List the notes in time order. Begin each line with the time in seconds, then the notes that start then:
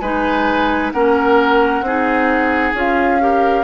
0.00 G#3 D#4 B4 G#5
0.92 A#3 C#4 A#4 F#5
1.82 C4 D#4 G#4
2.74 C#4 F4 F5
3.20 G4 A#4